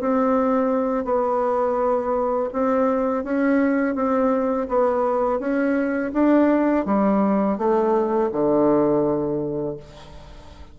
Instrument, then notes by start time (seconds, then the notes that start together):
bassoon
0.00 C4
1.04 B3
2.52 C4
3.24 C#4
3.95 C4
4.68 B3
5.39 C#4
6.13 D4
6.85 G3
7.57 A3
8.32 D3